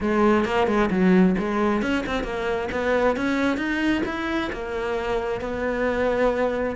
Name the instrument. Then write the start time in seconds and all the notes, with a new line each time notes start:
cello
0.01 G#3
0.45 A#3
0.67 G#3
0.90 F#3
1.38 G#3
1.82 C#4
2.06 C4
2.23 A#3
2.71 B3
3.16 C#4
3.57 D#4
4.05 E4
4.52 A#3
5.41 B3